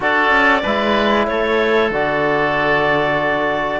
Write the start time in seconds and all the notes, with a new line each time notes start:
0.00 D4 F#4 A4 D5
0.30 C#4
0.62 G#3 E4 B4
1.26 A3 A4 C#5
1.90 D3 F#4 D5